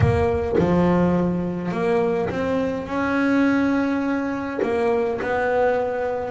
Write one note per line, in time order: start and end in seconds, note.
0.00 0.56 A#3
0.58 1.71 F3
1.71 2.29 A#3
2.29 2.87 C4
2.87 4.60 C#4
4.62 5.20 A#3
5.21 6.30 B3